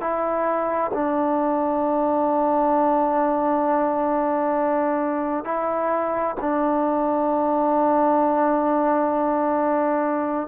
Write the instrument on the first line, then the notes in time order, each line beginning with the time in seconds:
trombone
0.00 E4
0.93 D4
5.44 E4
6.40 D4